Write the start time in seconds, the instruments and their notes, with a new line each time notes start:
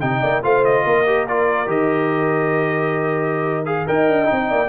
0.00 tuba C3, trombone D#4, horn D#5, trumpet G5
0.22 tuba A#3, horn D5
0.43 tuba A3, trombone F4, horn C5, trumpet F5
0.64 trumpet D#5
0.84 tuba A#3, horn A#4
1.06 trombone G4
1.28 trombone F4, trumpet D5
1.66 tuba D#3, trombone G4, trumpet D#5
3.65 trombone G#4, trumpet F5
3.87 tuba D#4, trombone A#4, horn D#5, trumpet G5
4.09 tuba D4
4.25 trombone D#4
4.31 tuba C4
4.49 tuba A#3, horn D5